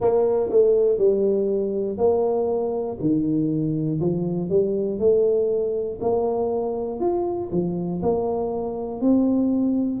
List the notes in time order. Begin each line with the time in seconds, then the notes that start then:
0.00 A#3
0.50 A3
0.97 G3
1.97 A#3
3.00 D#3
4.00 F3
4.50 G3
4.99 A3
6.00 A#3
7.00 F4
7.51 F3
8.02 A#3
9.00 C4